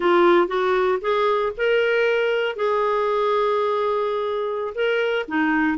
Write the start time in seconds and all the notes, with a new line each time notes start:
0.00 F4
0.47 F#4
1.01 G#4
1.57 A#4
2.56 G#4
4.74 A#4
5.28 D#4